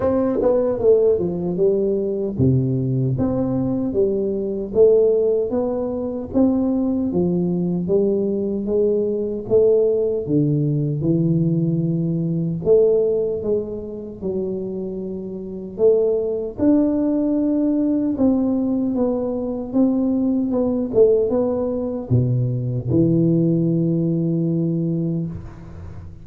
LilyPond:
\new Staff \with { instrumentName = "tuba" } { \time 4/4 \tempo 4 = 76 c'8 b8 a8 f8 g4 c4 | c'4 g4 a4 b4 | c'4 f4 g4 gis4 | a4 d4 e2 |
a4 gis4 fis2 | a4 d'2 c'4 | b4 c'4 b8 a8 b4 | b,4 e2. | }